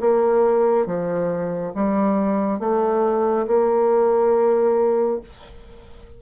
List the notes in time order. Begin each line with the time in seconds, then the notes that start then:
0.00 A#3
0.86 F3
1.74 G3
2.59 A3
3.47 A#3